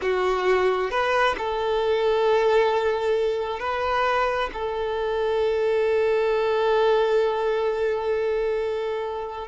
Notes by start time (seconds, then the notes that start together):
0.01 F#4
0.90 B4
1.38 A4
3.59 B4
4.53 A4